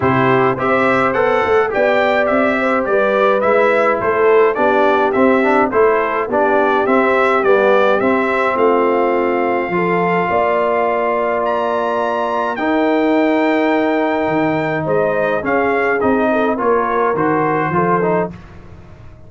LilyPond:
<<
  \new Staff \with { instrumentName = "trumpet" } { \time 4/4 \tempo 4 = 105 c''4 e''4 fis''4 g''4 | e''4 d''4 e''4 c''4 | d''4 e''4 c''4 d''4 | e''4 d''4 e''4 f''4~ |
f''1 | ais''2 g''2~ | g''2 dis''4 f''4 | dis''4 cis''4 c''2 | }
  \new Staff \with { instrumentName = "horn" } { \time 4/4 g'4 c''2 d''4~ | d''8 c''8 b'2 a'4 | g'2 a'4 g'4~ | g'2. f'4~ |
f'4 a'4 d''2~ | d''2 ais'2~ | ais'2 c''4 gis'4~ | gis'8 a'8 ais'2 a'4 | }
  \new Staff \with { instrumentName = "trombone" } { \time 4/4 e'4 g'4 a'4 g'4~ | g'2 e'2 | d'4 c'8 d'8 e'4 d'4 | c'4 b4 c'2~ |
c'4 f'2.~ | f'2 dis'2~ | dis'2. cis'4 | dis'4 f'4 fis'4 f'8 dis'8 | }
  \new Staff \with { instrumentName = "tuba" } { \time 4/4 c4 c'4 b8 a8 b4 | c'4 g4 gis4 a4 | b4 c'4 a4 b4 | c'4 g4 c'4 a4~ |
a4 f4 ais2~ | ais2 dis'2~ | dis'4 dis4 gis4 cis'4 | c'4 ais4 dis4 f4 | }
>>